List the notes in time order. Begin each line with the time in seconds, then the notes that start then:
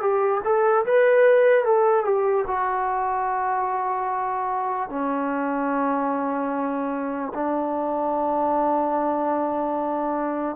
0.00 G4
0.44 A4
0.85 B4
1.64 A4
2.04 G4
2.47 F#4
4.89 C#4
7.34 D4